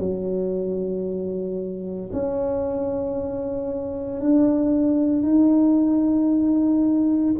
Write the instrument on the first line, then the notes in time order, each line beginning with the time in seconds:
tuba
0.00 F#3
2.13 C#4
4.21 D4
5.23 D#4